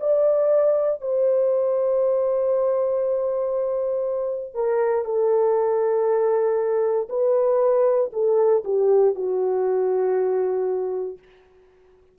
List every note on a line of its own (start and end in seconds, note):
0.00 1.02 D5
1.02 4.54 C5
4.54 5.05 A#4
5.05 7.08 A4
7.10 8.11 B4
8.13 8.64 A4
8.64 9.15 G4
9.15 11.19 F#4